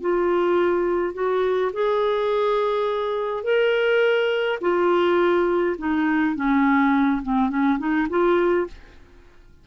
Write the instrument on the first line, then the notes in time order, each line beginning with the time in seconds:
clarinet
0.00 F4
1.13 F#4
1.73 G#4
3.43 A#4
4.60 F4
5.78 D#4
6.35 C#4
7.22 C4
7.49 C#4
7.78 D#4
8.09 F4